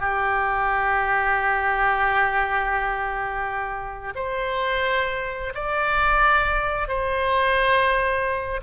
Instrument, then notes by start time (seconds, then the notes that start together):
oboe
0.00 G4
4.15 C5
5.55 D5
6.88 C5